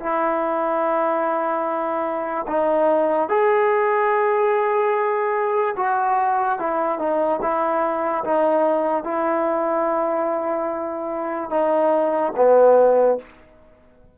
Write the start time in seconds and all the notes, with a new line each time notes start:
0.00 E4
2.48 D#4
3.29 G#4
5.77 F#4
6.59 E4
6.99 D#4
7.42 E4
8.25 D#4
9.04 E4
11.51 D#4
12.36 B3